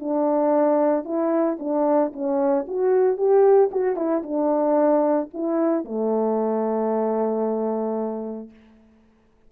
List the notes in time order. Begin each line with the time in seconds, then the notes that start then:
0.00 D4
1.05 E4
1.60 D4
2.13 C#4
2.68 F#4
3.18 G4
3.72 F#4
3.96 E4
4.23 D4
5.34 E4
5.85 A3